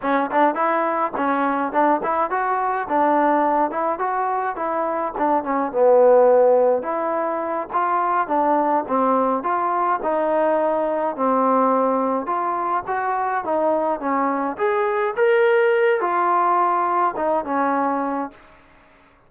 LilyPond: \new Staff \with { instrumentName = "trombone" } { \time 4/4 \tempo 4 = 105 cis'8 d'8 e'4 cis'4 d'8 e'8 | fis'4 d'4. e'8 fis'4 | e'4 d'8 cis'8 b2 | e'4. f'4 d'4 c'8~ |
c'8 f'4 dis'2 c'8~ | c'4. f'4 fis'4 dis'8~ | dis'8 cis'4 gis'4 ais'4. | f'2 dis'8 cis'4. | }